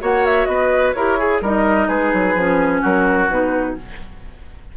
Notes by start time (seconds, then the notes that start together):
0.00 A#3 F#4 C#5 F#5
0.25 E5
0.45 B3 B4 D#5
0.93 E4 G4 A#4 C#5
1.18 G#4
1.41 G3 D#4 A#4 D#5
1.87 G#3 G#4 B4
2.13 F#3
2.34 F3 C#4
2.81 F#3 F#4 A#4
3.28 B2 D#4 B4